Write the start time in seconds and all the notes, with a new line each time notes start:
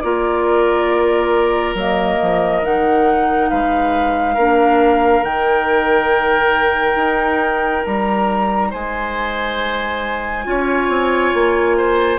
0.00 A#3 F4 A#4 D5
1.74 F#3 A#3 D#5
2.22 F3
2.62 D#3 D#4 F#5
3.49 G#3 B4 F5
4.34 A#3 D4 A#4
5.23 D#3 D#4 G5
6.95 D#4
7.85 G3 A#5
8.70 G#3 C5 G#5
10.44 C#4 F4 C#5
10.89 C4
11.34 A#3
11.77 C5